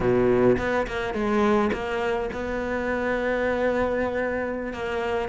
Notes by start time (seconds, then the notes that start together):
0.00 B2
0.58 B3
0.87 A#3
1.14 G#3
1.72 A#3
2.32 B3
4.73 A#3